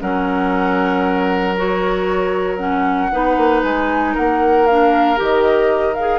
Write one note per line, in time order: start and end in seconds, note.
0.00 3.12 F#3
0.00 1.55 C#4
0.00 3.12 A#4
0.00 1.57 F#5
1.57 2.58 F#4
1.57 2.57 C#5
2.57 3.10 C#4
2.57 3.61 F#5
3.12 3.37 B3
3.12 4.67 D#4
3.12 4.15 B4
3.37 3.63 A#3
3.64 4.16 G#3
3.64 4.15 G#5
4.15 5.20 A#3
4.15 6.20 A#4
4.15 4.67 F#5
4.67 5.17 D4
4.67 5.18 F5
5.17 6.20 D#3
5.17 5.94 G4
5.17 5.95 D#5
5.95 6.20 G#4
5.95 6.20 F5